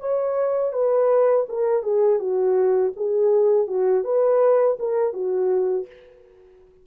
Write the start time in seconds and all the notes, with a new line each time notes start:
0.00 C#5
0.73 B4
1.49 A#4
1.83 G#4
2.20 F#4
2.96 G#4
3.68 F#4
4.04 B4
4.79 A#4
5.13 F#4